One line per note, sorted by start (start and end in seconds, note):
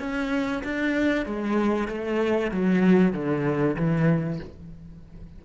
0.00 0.63 C#4
0.64 1.26 D4
1.26 1.89 G#3
1.89 2.51 A3
2.51 3.13 F#3
3.13 3.76 D3
3.77 4.40 E3